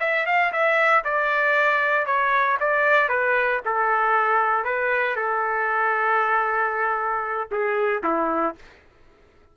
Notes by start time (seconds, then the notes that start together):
0.00 E5
0.26 F5
0.52 E5
1.04 D5
2.06 C#5
2.60 D5
3.09 B4
3.65 A4
4.64 B4
5.16 A4
7.51 G#4
8.03 E4